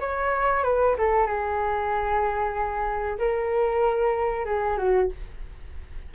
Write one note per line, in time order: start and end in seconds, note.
0.00 0.64 C#5
0.64 0.95 B4
0.98 1.26 A4
1.26 3.18 G#4
3.19 4.45 A#4
4.45 4.77 G#4
4.77 5.09 F#4